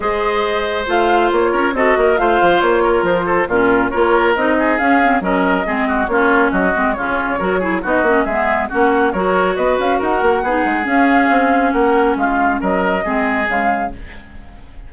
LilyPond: <<
  \new Staff \with { instrumentName = "flute" } { \time 4/4 \tempo 4 = 138 dis''2 f''4 cis''4 | dis''4 f''4 cis''4 c''4 | ais'4 cis''4 dis''4 f''4 | dis''2 cis''4 dis''4 |
cis''2 dis''4 e''4 | fis''4 cis''4 dis''8 f''8 fis''4~ | fis''4 f''2 fis''4 | f''4 dis''2 f''4 | }
  \new Staff \with { instrumentName = "oboe" } { \time 4/4 c''2.~ c''8 ais'8 | a'8 ais'8 c''4. ais'4 a'8 | f'4 ais'4. gis'4. | ais'4 gis'8 fis'8 f'4 fis'4 |
f'4 ais'8 gis'8 fis'4 gis'4 | fis'4 ais'4 b'4 ais'4 | gis'2. ais'4 | f'4 ais'4 gis'2 | }
  \new Staff \with { instrumentName = "clarinet" } { \time 4/4 gis'2 f'2 | fis'4 f'2. | cis'4 f'4 dis'4 cis'8 c'8 | cis'4 c'4 cis'4. c'8 |
cis'4 fis'8 e'8 dis'8 cis'8 b4 | cis'4 fis'2. | dis'4 cis'2.~ | cis'2 c'4 gis4 | }
  \new Staff \with { instrumentName = "bassoon" } { \time 4/4 gis2 a4 ais8 cis'8 | c'8 ais8 a8 f8 ais4 f4 | ais,4 ais4 c'4 cis'4 | fis4 gis4 ais4 fis8 gis8 |
cis4 fis4 b8 ais8 gis4 | ais4 fis4 b8 cis'8 dis'8 ais8 | b8 gis8 cis'4 c'4 ais4 | gis4 fis4 gis4 cis4 | }
>>